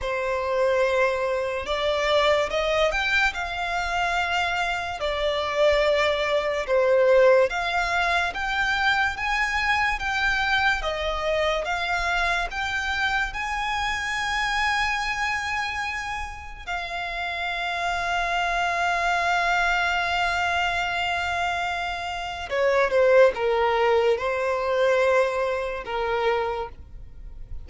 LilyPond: \new Staff \with { instrumentName = "violin" } { \time 4/4 \tempo 4 = 72 c''2 d''4 dis''8 g''8 | f''2 d''2 | c''4 f''4 g''4 gis''4 | g''4 dis''4 f''4 g''4 |
gis''1 | f''1~ | f''2. cis''8 c''8 | ais'4 c''2 ais'4 | }